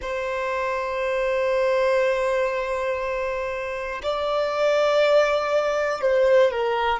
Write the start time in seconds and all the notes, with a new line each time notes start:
0.01 C5
4.03 D5
6.00 C5
6.51 A#4